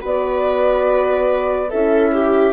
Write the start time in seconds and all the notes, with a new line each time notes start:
0.00 B3 F#4 B4 D5
1.71 C#4 E4 A4 E5
2.14 G4